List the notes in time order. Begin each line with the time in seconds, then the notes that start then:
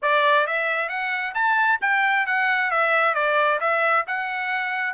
0.02 D5
0.46 E5
0.89 F#5
1.34 A5
1.81 G5
2.26 F#5
2.70 E5
3.14 D5
3.60 E5
4.07 F#5